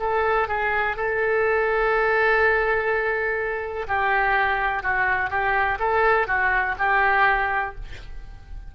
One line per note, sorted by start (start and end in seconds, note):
0.00 0.48 A4
0.48 0.97 G#4
0.97 3.87 A4
3.88 4.83 G4
4.83 5.30 F#4
5.30 5.78 G4
5.79 6.27 A4
6.27 6.76 F#4
6.79 7.76 G4